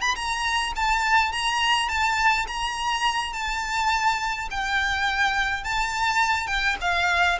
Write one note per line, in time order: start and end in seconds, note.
0.00 0.14 B5
0.15 0.73 A#5
0.75 1.32 A5
1.32 1.88 A#5
1.88 2.46 A5
2.47 3.33 A#5
3.33 4.48 A5
4.50 5.63 G5
5.63 6.47 A5
6.47 6.76 G5
6.81 7.38 F5